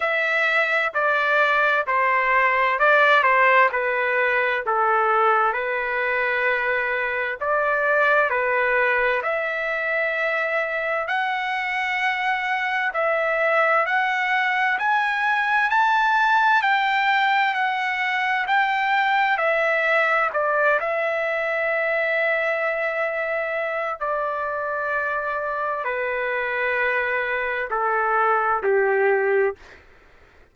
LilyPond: \new Staff \with { instrumentName = "trumpet" } { \time 4/4 \tempo 4 = 65 e''4 d''4 c''4 d''8 c''8 | b'4 a'4 b'2 | d''4 b'4 e''2 | fis''2 e''4 fis''4 |
gis''4 a''4 g''4 fis''4 | g''4 e''4 d''8 e''4.~ | e''2 d''2 | b'2 a'4 g'4 | }